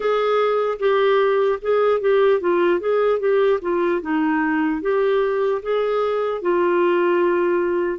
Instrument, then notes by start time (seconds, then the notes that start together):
clarinet
0.00 G#4
0.79 G4
1.61 G#4
2.00 G4
2.40 F4
2.80 G#4
3.19 G4
3.61 F4
4.01 D#4
4.81 G4
5.62 G#4
6.41 F4